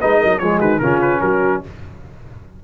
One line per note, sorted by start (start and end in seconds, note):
0.00 0.23 G#3
0.00 0.42 D#4
0.00 0.20 B4
0.00 0.39 D#5
0.20 0.41 F#3
0.20 0.40 A#4
0.39 0.60 F3
0.39 0.83 G#3
0.39 0.59 G#4
0.39 0.59 C#5
0.59 0.81 D#3
0.59 0.79 F#4
0.59 0.79 B4
0.79 1.21 C#3
0.79 1.64 C#4
0.79 1.23 F4
0.79 0.99 A#4
1.01 1.21 B4
1.21 1.62 F#3
1.21 1.64 F#4
1.21 1.61 A#4